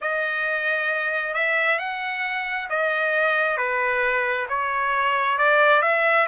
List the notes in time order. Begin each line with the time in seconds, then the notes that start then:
0.01 D#5
1.34 E5
1.78 F#5
2.69 D#5
3.57 B4
4.48 C#5
5.38 D5
5.82 E5